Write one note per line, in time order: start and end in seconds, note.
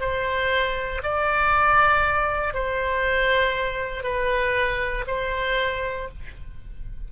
0.00 1.02 C5
1.03 2.54 D5
2.54 4.04 C5
4.04 5.05 B4
5.07 6.09 C5